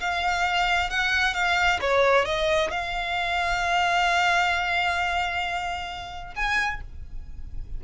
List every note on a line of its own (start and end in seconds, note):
0.00 0.90 F5
0.90 1.34 F#5
1.34 1.79 F5
1.81 2.25 C#5
2.25 2.71 D#5
2.71 6.34 F5
6.35 6.81 G#5